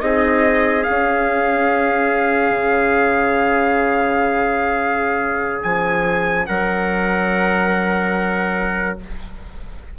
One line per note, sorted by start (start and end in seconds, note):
0.00 0.86 C4
0.00 0.83 D#4
0.00 6.49 G#4
0.00 0.84 D#5
0.83 8.96 C#4
0.83 5.63 F5
0.90 2.51 C#4
2.51 5.64 C#3
5.63 6.48 F3
5.63 6.47 G#5
6.47 8.99 F#3
6.47 8.99 A#4
6.47 8.97 F#5